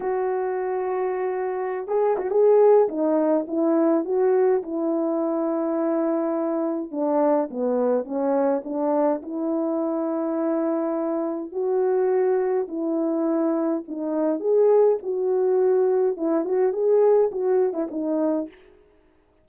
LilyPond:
\new Staff \with { instrumentName = "horn" } { \time 4/4 \tempo 4 = 104 fis'2.~ fis'16 gis'8 fis'16 | gis'4 dis'4 e'4 fis'4 | e'1 | d'4 b4 cis'4 d'4 |
e'1 | fis'2 e'2 | dis'4 gis'4 fis'2 | e'8 fis'8 gis'4 fis'8. e'16 dis'4 | }